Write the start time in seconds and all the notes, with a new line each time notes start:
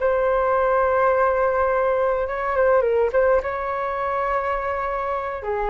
0.00 C5
2.28 C#5
2.56 C5
2.81 A#4
3.13 C5
3.43 C#5
5.43 G#4